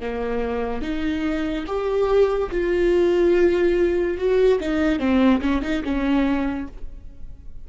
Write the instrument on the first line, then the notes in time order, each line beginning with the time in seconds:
viola
0.00 A#3
0.81 D#4
1.66 G4
2.51 F4
4.17 F#4
4.60 D#4
4.99 C4
5.41 C#4
5.62 D#4
5.84 C#4